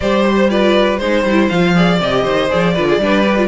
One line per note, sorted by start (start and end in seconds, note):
0.00 0.99 G3
0.00 0.49 G4
0.00 0.50 C5
0.00 0.23 D5
0.25 0.50 C5
0.49 0.99 F4
0.49 0.99 B4
0.49 0.97 D5
0.97 1.24 G#3
0.97 1.26 D#4
0.97 1.47 C5
0.97 1.74 C5
1.24 1.49 G3
1.24 1.51 E4
1.48 2.00 F3
1.48 1.75 F4
1.48 1.98 F5
1.75 2.00 G#4
1.75 2.23 D5
2.00 2.25 C3
2.00 2.49 G4
2.00 2.51 D#5
2.23 2.50 D#3
2.23 2.73 C5
2.49 2.78 F3
2.49 2.74 G#4
2.49 3.47 D5
2.74 2.98 D3
2.74 3.00 F4
2.74 2.86 B4
2.88 3.01 G#4
2.98 3.47 G3
2.98 3.25 D4
2.98 3.47 B4
3.26 3.37 G4
3.37 3.47 F4